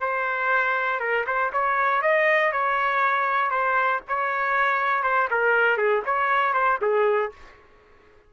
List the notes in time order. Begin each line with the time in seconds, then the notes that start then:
0.00 C5
0.99 A#4
1.26 C5
1.52 C#5
2.01 D#5
2.52 C#5
3.50 C5
4.08 C#5
5.03 C5
5.30 A#4
5.77 G#4
6.05 C#5
6.53 C5
6.81 G#4